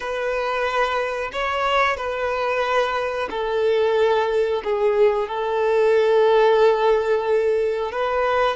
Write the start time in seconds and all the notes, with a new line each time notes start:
0.00 B4
1.32 C#5
1.97 B4
3.30 A4
4.64 G#4
5.28 A4
7.91 B4